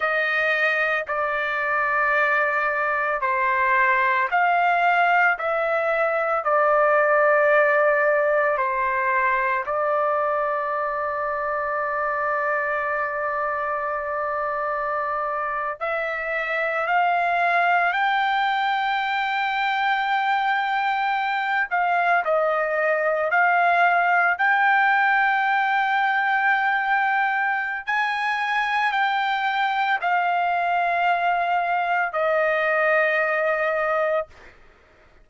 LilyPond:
\new Staff \with { instrumentName = "trumpet" } { \time 4/4 \tempo 4 = 56 dis''4 d''2 c''4 | f''4 e''4 d''2 | c''4 d''2.~ | d''2~ d''8. e''4 f''16~ |
f''8. g''2.~ g''16~ | g''16 f''8 dis''4 f''4 g''4~ g''16~ | g''2 gis''4 g''4 | f''2 dis''2 | }